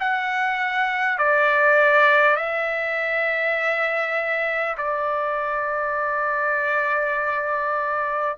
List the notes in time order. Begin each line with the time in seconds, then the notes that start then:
0.00 F#5
1.18 D5
2.36 E5
4.77 D5